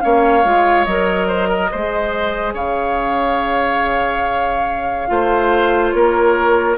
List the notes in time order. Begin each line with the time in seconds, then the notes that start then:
0.00 A#3 C#4 C#5 F5
0.44 G#3 F4
0.84 F#3 A#4 D#5
1.27 C5
1.48 A#4
1.71 G#3 G#4 C5
2.54 C#3 C#5 F5
5.08 A3 F4 C5
5.91 A#3 A#4 C#5